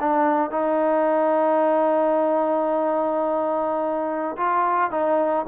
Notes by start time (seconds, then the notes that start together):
0.00 D4
0.51 D#4
4.37 F4
4.91 D#4